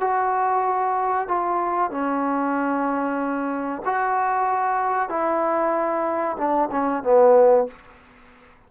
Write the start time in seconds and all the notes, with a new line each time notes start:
0.00 F#4
1.28 F4
1.90 C#4
3.85 F#4
5.09 E4
6.37 D4
6.71 C#4
7.03 B3